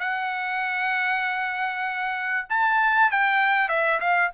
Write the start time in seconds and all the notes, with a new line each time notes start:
0.00 F#5
2.49 A5
3.11 G5
3.69 E5
4.00 F5